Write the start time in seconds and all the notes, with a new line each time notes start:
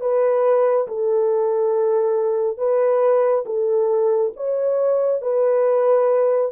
0.00 B4
0.87 A4
2.57 B4
3.45 A4
4.36 C#5
5.21 B4